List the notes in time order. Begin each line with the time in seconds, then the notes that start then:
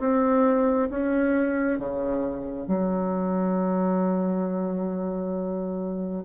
0.00 C4
0.90 C#4
1.80 C#3
2.67 F#3